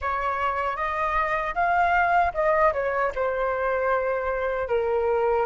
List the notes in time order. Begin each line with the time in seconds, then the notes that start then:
0.01 C#5
0.76 D#5
1.54 F5
2.33 D#5
2.73 C#5
3.15 C5
4.68 A#4